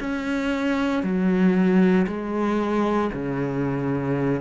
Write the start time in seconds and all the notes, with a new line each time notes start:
0.00 C#4
1.03 F#3
2.07 G#3
3.13 C#3